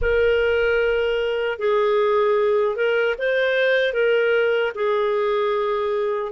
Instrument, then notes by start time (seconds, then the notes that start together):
clarinet
0.01 A#4
1.58 G#4
2.76 A#4
3.18 C5
3.93 A#4
4.74 G#4